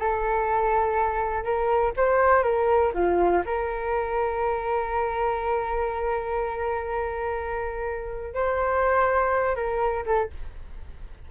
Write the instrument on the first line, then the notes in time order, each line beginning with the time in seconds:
flute
0.00 A4
1.44 A#4
1.97 C5
2.43 A#4
2.94 F4
3.46 A#4
8.35 C5
9.56 A#4
10.06 A4